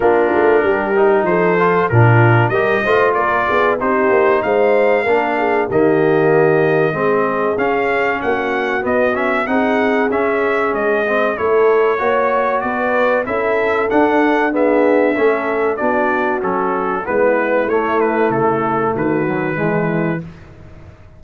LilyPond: <<
  \new Staff \with { instrumentName = "trumpet" } { \time 4/4 \tempo 4 = 95 ais'2 c''4 ais'4 | dis''4 d''4 c''4 f''4~ | f''4 dis''2. | f''4 fis''4 dis''8 e''8 fis''4 |
e''4 dis''4 cis''2 | d''4 e''4 fis''4 e''4~ | e''4 d''4 a'4 b'4 | cis''8 b'8 a'4 b'2 | }
  \new Staff \with { instrumentName = "horn" } { \time 4/4 f'4 g'4 a'4 f'4 | ais'8 c''8 ais'8 gis'8 g'4 c''4 | ais'8 gis'8 g'2 gis'4~ | gis'4 fis'2 gis'4~ |
gis'2 a'4 cis''4 | b'4 a'2 gis'4 | a'4 fis'2 e'4~ | e'2 fis'4 e'4 | }
  \new Staff \with { instrumentName = "trombone" } { \time 4/4 d'4. dis'4 f'8 d'4 | g'8 f'4. dis'2 | d'4 ais2 c'4 | cis'2 b8 cis'8 dis'4 |
cis'4. c'8 e'4 fis'4~ | fis'4 e'4 d'4 b4 | cis'4 d'4 cis'4 b4 | a2~ a8 fis8 gis4 | }
  \new Staff \with { instrumentName = "tuba" } { \time 4/4 ais8 a8 g4 f4 ais,4 | g8 a8 ais8 b8 c'8 ais8 gis4 | ais4 dis2 gis4 | cis'4 ais4 b4 c'4 |
cis'4 gis4 a4 ais4 | b4 cis'4 d'2 | a4 b4 fis4 gis4 | a4 cis4 dis4 e4 | }
>>